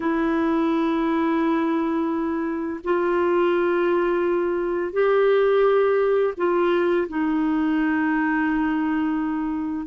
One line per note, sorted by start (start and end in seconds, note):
0.00 2.80 E4
2.84 4.92 F4
4.92 6.33 G4
6.37 7.07 F4
7.08 9.86 D#4